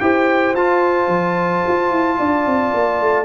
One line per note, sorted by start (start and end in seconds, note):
0.00 0.55 E4
0.00 0.55 G4
0.00 2.18 C5
0.00 0.55 G5
0.55 1.08 F4
0.55 3.25 F4
0.55 3.25 A5
1.08 1.62 F3
1.68 1.91 F4
1.91 2.18 E4
2.18 2.46 D4
2.18 3.25 D5
2.46 2.73 C4
2.74 3.01 A#3
3.01 3.25 A3